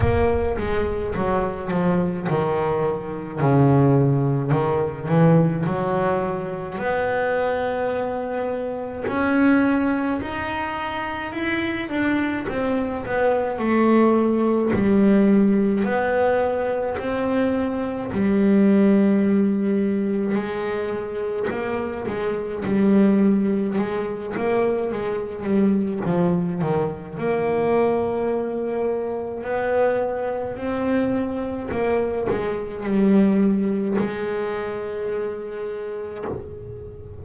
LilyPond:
\new Staff \with { instrumentName = "double bass" } { \time 4/4 \tempo 4 = 53 ais8 gis8 fis8 f8 dis4 cis4 | dis8 e8 fis4 b2 | cis'4 dis'4 e'8 d'8 c'8 b8 | a4 g4 b4 c'4 |
g2 gis4 ais8 gis8 | g4 gis8 ais8 gis8 g8 f8 dis8 | ais2 b4 c'4 | ais8 gis8 g4 gis2 | }